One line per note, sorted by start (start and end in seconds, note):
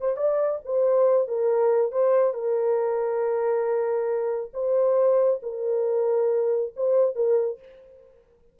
0.00 0.17 C5
0.17 0.60 D5
0.65 1.28 C5
1.28 1.92 A#4
1.92 2.34 C5
2.34 4.51 A#4
4.54 5.41 C5
5.42 6.73 A#4
6.76 7.16 C5
7.16 7.59 A#4